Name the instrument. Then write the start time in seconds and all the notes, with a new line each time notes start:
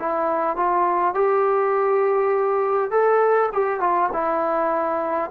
trombone
0.00 E4
0.57 F4
1.14 G4
2.91 A4
3.53 G4
3.80 F4
4.13 E4